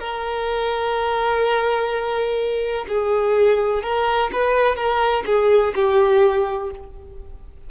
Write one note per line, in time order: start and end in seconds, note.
0.00 2.86 A#4
2.89 3.83 G#4
3.83 4.31 A#4
4.33 4.76 B4
4.76 5.24 A#4
5.26 5.74 G#4
5.76 6.71 G4